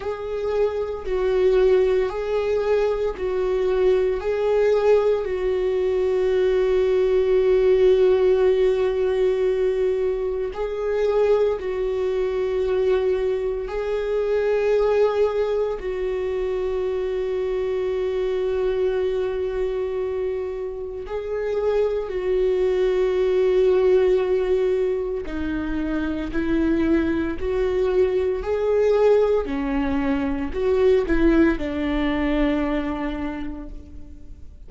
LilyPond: \new Staff \with { instrumentName = "viola" } { \time 4/4 \tempo 4 = 57 gis'4 fis'4 gis'4 fis'4 | gis'4 fis'2.~ | fis'2 gis'4 fis'4~ | fis'4 gis'2 fis'4~ |
fis'1 | gis'4 fis'2. | dis'4 e'4 fis'4 gis'4 | cis'4 fis'8 e'8 d'2 | }